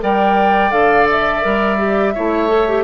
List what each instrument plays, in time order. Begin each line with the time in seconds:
0.00 bassoon G3, clarinet A#4, oboe D5, flute G5
0.71 bassoon D3, clarinet A4, flute F5
1.11 flute E5
1.42 bassoon G3, clarinet A#4
1.78 clarinet G4
2.15 bassoon A3, clarinet E4, oboe C#5
2.49 clarinet A4
2.68 clarinet G4